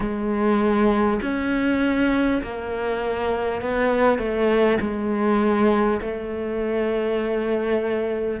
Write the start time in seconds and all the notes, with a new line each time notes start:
0.00 G#3
1.22 C#4
2.42 A#3
3.61 B3
4.18 A3
4.80 G#3
6.01 A3